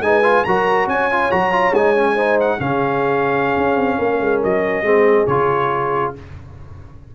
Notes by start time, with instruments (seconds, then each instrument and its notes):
0.00 tuba G#3, trombone D#4, trumpet G#5
0.06 horn B4
0.23 trombone F4
0.44 tuba F#3, trombone F#4, horn A#4, trumpet A#5
0.87 tuba C#4, horn C#5, trumpet G#5
1.12 trombone F4
1.31 tuba F#3, trombone F#4, trumpet A#5
1.52 trombone F4
1.72 tuba G#3, trombone D#4, trumpet G#5
1.96 trombone C#4
2.15 trombone D#4, horn C5
2.40 trumpet F#5
2.59 tuba C#3, trombone C#4, horn G#4, trumpet F5
3.57 tuba C#4
3.76 tuba C4
3.99 tuba A#3, horn A#4
4.20 tuba G#3
4.43 tuba F#3, trumpet D#5
4.82 tuba G#3, trombone C4, horn G#4
5.27 tuba C#3, trombone F4, trumpet C#5